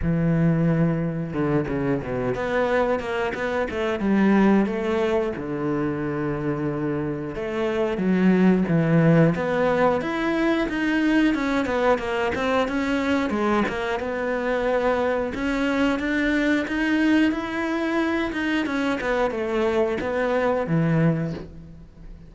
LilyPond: \new Staff \with { instrumentName = "cello" } { \time 4/4 \tempo 4 = 90 e2 d8 cis8 b,8 b8~ | b8 ais8 b8 a8 g4 a4 | d2. a4 | fis4 e4 b4 e'4 |
dis'4 cis'8 b8 ais8 c'8 cis'4 | gis8 ais8 b2 cis'4 | d'4 dis'4 e'4. dis'8 | cis'8 b8 a4 b4 e4 | }